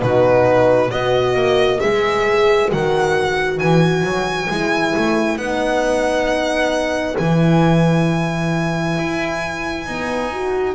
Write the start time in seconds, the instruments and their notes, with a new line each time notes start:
0.00 double bass B2, horn D#4, saxophone F#4, violin B4
0.91 double bass B3, horn F#4, saxophone B4, violin D#5
1.35 double bass A#3
1.80 double bass G#3, horn G#4, violin E5
2.69 double bass D#3, horn F#4, violin F#5
3.59 double bass E3, violin G#5
4.03 double bass F#3
4.50 double bass G#3, horn E4
4.96 double bass A3
5.37 double bass B3, horn D#4, violin F#5
7.18 double bass E3, horn E4, violin G#5
8.98 double bass E4
9.86 horn B3, double bass D#4
10.33 horn F#4